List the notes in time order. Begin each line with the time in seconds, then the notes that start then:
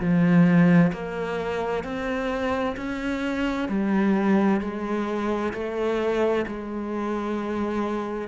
0.00 F3
0.93 A#3
1.84 C4
2.77 C#4
3.69 G3
4.61 G#3
5.53 A3
6.47 G#3